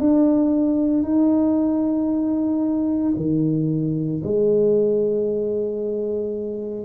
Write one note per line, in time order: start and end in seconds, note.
0.00 1.03 D4
1.03 3.14 D#4
3.17 4.22 D#3
4.24 6.86 G#3